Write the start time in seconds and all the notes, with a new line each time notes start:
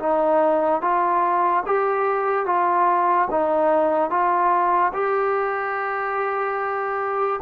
0.00 D#4
0.82 F4
1.67 G4
2.47 F4
3.31 D#4
4.11 F4
4.94 G4